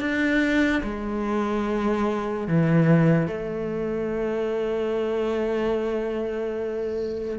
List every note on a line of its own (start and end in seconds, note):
0.00 0.82 D4
0.83 2.48 G#3
2.48 3.28 E3
3.28 7.39 A3